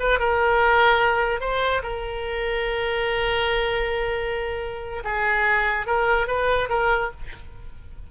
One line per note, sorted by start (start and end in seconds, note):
0.00 0.20 B4
0.20 1.41 A#4
1.41 1.82 C5
1.83 5.04 A#4
5.04 5.87 G#4
5.87 6.28 A#4
6.28 6.69 B4
6.70 7.11 A#4